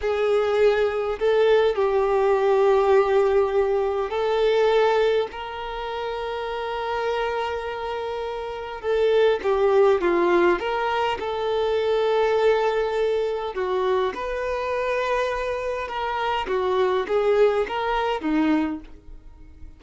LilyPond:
\new Staff \with { instrumentName = "violin" } { \time 4/4 \tempo 4 = 102 gis'2 a'4 g'4~ | g'2. a'4~ | a'4 ais'2.~ | ais'2. a'4 |
g'4 f'4 ais'4 a'4~ | a'2. fis'4 | b'2. ais'4 | fis'4 gis'4 ais'4 dis'4 | }